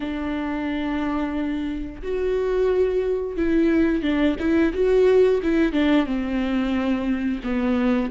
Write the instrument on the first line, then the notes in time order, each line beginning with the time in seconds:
viola
0.00 D4
2.02 F#4
3.36 E4
4.02 D4
4.39 E4
4.73 F#4
5.42 E4
5.72 D4
6.06 C4
7.43 B3